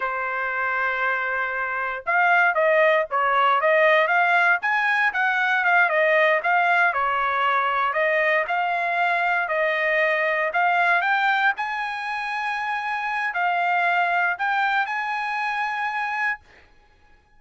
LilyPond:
\new Staff \with { instrumentName = "trumpet" } { \time 4/4 \tempo 4 = 117 c''1 | f''4 dis''4 cis''4 dis''4 | f''4 gis''4 fis''4 f''8 dis''8~ | dis''8 f''4 cis''2 dis''8~ |
dis''8 f''2 dis''4.~ | dis''8 f''4 g''4 gis''4.~ | gis''2 f''2 | g''4 gis''2. | }